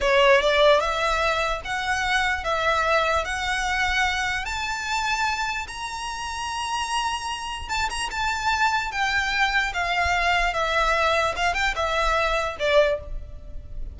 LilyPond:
\new Staff \with { instrumentName = "violin" } { \time 4/4 \tempo 4 = 148 cis''4 d''4 e''2 | fis''2 e''2 | fis''2. a''4~ | a''2 ais''2~ |
ais''2. a''8 ais''8 | a''2 g''2 | f''2 e''2 | f''8 g''8 e''2 d''4 | }